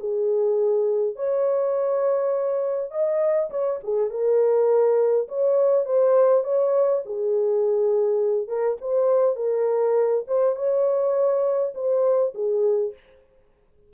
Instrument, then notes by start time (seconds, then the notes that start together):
horn
0.00 G#4
1.16 C#5
2.91 D#5
3.51 C#5
3.84 G#4
4.10 A#4
5.28 C#5
5.86 C5
6.44 C#5
7.06 G#4
8.48 A#4
8.81 C5
9.36 A#4
10.28 C5
10.56 C#5
11.75 C5
12.35 G#4